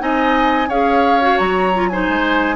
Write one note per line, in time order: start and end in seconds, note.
0.00 0.69 C4
0.00 0.69 D#4
0.00 0.69 D#5
0.00 0.70 G#5
0.69 1.38 C#4
0.69 1.21 G#4
0.69 1.90 C#5
0.69 1.38 F5
1.21 1.73 F#4
1.38 2.09 F#3
1.38 1.90 A#5
1.75 1.92 F4
1.90 2.56 D#4
1.90 2.56 C5
1.90 2.56 G#5
2.09 2.56 G#3